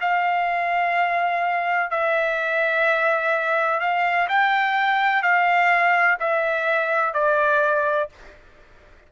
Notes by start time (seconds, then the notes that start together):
0.00 F5
1.90 E5
3.80 F5
4.28 G5
5.23 F5
6.19 E5
7.13 D5